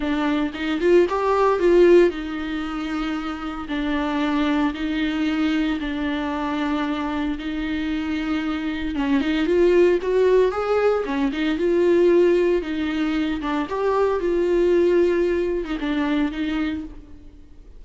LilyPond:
\new Staff \with { instrumentName = "viola" } { \time 4/4 \tempo 4 = 114 d'4 dis'8 f'8 g'4 f'4 | dis'2. d'4~ | d'4 dis'2 d'4~ | d'2 dis'2~ |
dis'4 cis'8 dis'8 f'4 fis'4 | gis'4 cis'8 dis'8 f'2 | dis'4. d'8 g'4 f'4~ | f'4.~ f'16 dis'16 d'4 dis'4 | }